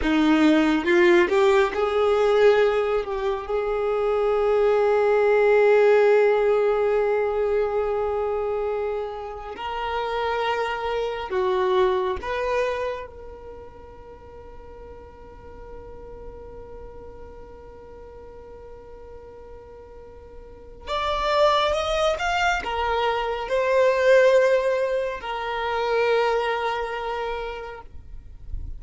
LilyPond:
\new Staff \with { instrumentName = "violin" } { \time 4/4 \tempo 4 = 69 dis'4 f'8 g'8 gis'4. g'8 | gis'1~ | gis'2. ais'4~ | ais'4 fis'4 b'4 ais'4~ |
ais'1~ | ais'1 | d''4 dis''8 f''8 ais'4 c''4~ | c''4 ais'2. | }